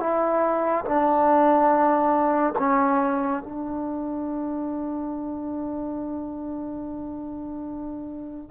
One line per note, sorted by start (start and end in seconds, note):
0.00 0.85 E4
0.85 2.54 D4
2.59 3.43 C#4
3.43 8.50 D4